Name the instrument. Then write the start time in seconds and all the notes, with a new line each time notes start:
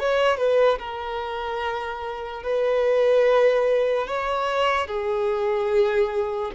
violin
0.00 C#5
0.38 B4
0.79 A#4
2.44 B4
4.08 C#5
4.88 G#4